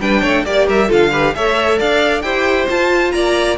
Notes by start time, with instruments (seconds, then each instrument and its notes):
0.00 cello G3, viola D4, violin B4 G5
0.22 cello A3, violin C#5
0.45 cello A#3, viola G4, violin D5
0.66 cello G3, violin A#4 E5
0.88 cello D3, viola F4, violin A4 F5
1.12 viola G4, violin B4
1.35 cello A3, viola A4, violin C#5 E5
1.79 cello D4, violin D5 F5
2.22 cello E4, viola G4, violin C5 G5
2.70 viola F4, cello F4, violin A5
3.12 cello A#3, violin D5 A#5